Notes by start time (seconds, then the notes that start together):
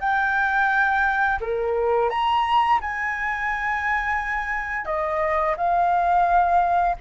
0.00 G5
1.41 A#4
2.10 A#5
2.82 G#5
4.86 D#5
5.57 F5